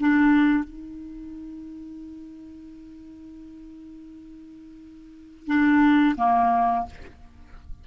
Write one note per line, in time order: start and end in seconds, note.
0.00 0.64 D4
0.64 5.47 D#4
5.47 6.16 D4
6.17 6.86 A#3